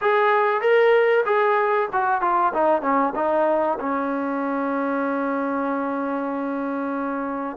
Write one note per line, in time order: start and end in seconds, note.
0.01 0.61 G#4
0.61 1.24 A#4
1.25 1.89 G#4
1.92 2.21 F#4
2.21 2.53 F4
2.53 2.81 D#4
2.81 3.13 C#4
3.15 3.78 D#4
3.79 7.56 C#4